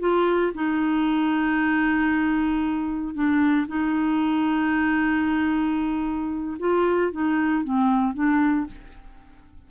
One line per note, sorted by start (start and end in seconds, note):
0.00 0.53 F4
0.55 3.15 D#4
3.15 3.67 D4
3.68 6.57 D#4
6.60 7.12 F4
7.12 7.64 D#4
7.64 8.14 C4
8.14 8.67 D4